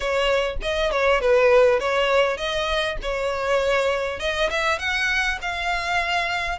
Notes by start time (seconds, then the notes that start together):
0.00 C#5
0.62 D#5
0.91 C#5
1.20 B4
1.79 C#5
2.37 D#5
3.02 C#5
4.19 D#5
4.50 E5
4.78 F#5
5.41 F5